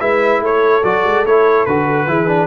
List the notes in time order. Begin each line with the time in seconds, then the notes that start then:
0.00 G#3 E4 B4 E5
0.41 A3 A4 C#5
0.84 F#3 F#4 D5
1.04 G#3
1.25 A3 E4 C#5
1.66 D3 F#4 B4
2.07 E3 E4 G#4
2.28 D4